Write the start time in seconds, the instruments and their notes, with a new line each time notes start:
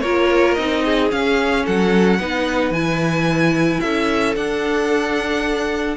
0.00 cello A#3, viola F4, violin A#4 C#5
0.54 cello C4, viola D#4, violin D#5
0.84 violin G#4
1.10 viola C#4, cello C#4, violin F5
1.65 cello F#3, violin A4 F#5
2.19 cello B3, viola D#4, violin B4
2.70 cello E3, viola E4, violin G#5
3.80 cello C#4, violin A4 E5
4.35 cello D4, viola D4, violin F#5